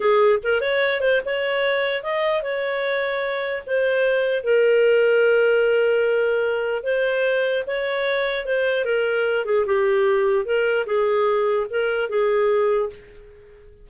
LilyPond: \new Staff \with { instrumentName = "clarinet" } { \time 4/4 \tempo 4 = 149 gis'4 ais'8 cis''4 c''8 cis''4~ | cis''4 dis''4 cis''2~ | cis''4 c''2 ais'4~ | ais'1~ |
ais'4 c''2 cis''4~ | cis''4 c''4 ais'4. gis'8 | g'2 ais'4 gis'4~ | gis'4 ais'4 gis'2 | }